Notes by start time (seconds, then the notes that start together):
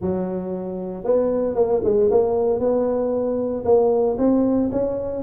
0.01 F#3
1.04 B3
1.55 A#3
1.84 G#3
2.10 A#3
2.59 B3
3.64 A#3
4.17 C4
4.71 C#4